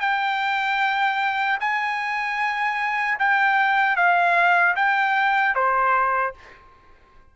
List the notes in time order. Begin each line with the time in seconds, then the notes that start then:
0.00 G5
1.60 G#5
3.19 G5
3.96 F5
4.75 G5
5.54 C5